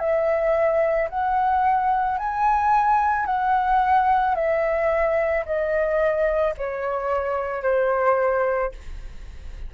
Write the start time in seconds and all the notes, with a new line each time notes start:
0.00 E5
1.10 F#5
2.18 G#5
3.26 F#5
4.35 E5
5.45 D#5
6.58 C#5
7.63 C5